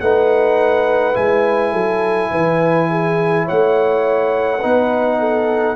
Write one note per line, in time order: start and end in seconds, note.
0.00 1.16 A3
0.00 1.13 D#4
0.00 1.72 B4
0.00 1.15 F#5
1.13 1.73 G#3
1.13 4.59 E4
1.13 3.46 G#5
1.72 2.31 F#3
1.72 2.30 A4
2.31 3.47 E3
2.31 2.89 B4
2.90 3.45 G#4
3.45 4.64 A3
3.45 4.59 C#5
3.45 5.76 F#5
4.59 5.76 B3
4.59 5.76 D#4
4.59 5.16 B4
5.19 5.76 A4